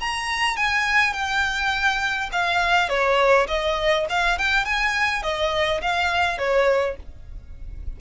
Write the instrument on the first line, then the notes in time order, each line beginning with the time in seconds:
violin
0.00 A#5
0.56 G#5
1.13 G5
2.32 F5
2.89 C#5
3.48 D#5
4.09 F5
4.38 G5
4.64 G#5
5.22 D#5
5.81 F5
6.38 C#5